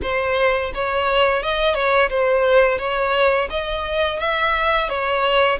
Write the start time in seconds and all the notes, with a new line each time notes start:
0.02 C5
0.74 C#5
1.43 D#5
1.74 C#5
2.09 C5
2.78 C#5
3.50 D#5
4.19 E5
4.89 C#5